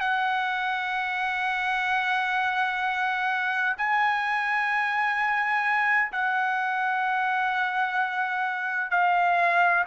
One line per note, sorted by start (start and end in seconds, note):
0.00 3.75 F#5
3.78 6.12 G#5
6.12 8.91 F#5
8.91 9.84 F5